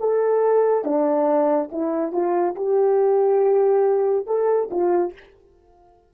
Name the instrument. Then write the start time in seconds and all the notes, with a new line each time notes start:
horn
0.00 A4
0.84 D4
1.72 E4
2.12 F4
2.56 G4
4.27 A4
4.71 F4